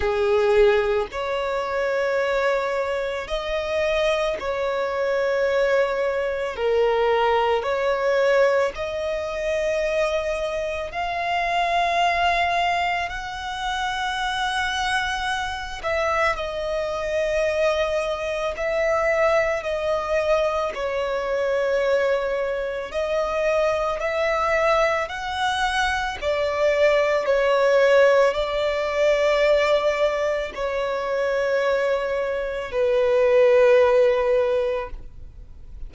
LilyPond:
\new Staff \with { instrumentName = "violin" } { \time 4/4 \tempo 4 = 55 gis'4 cis''2 dis''4 | cis''2 ais'4 cis''4 | dis''2 f''2 | fis''2~ fis''8 e''8 dis''4~ |
dis''4 e''4 dis''4 cis''4~ | cis''4 dis''4 e''4 fis''4 | d''4 cis''4 d''2 | cis''2 b'2 | }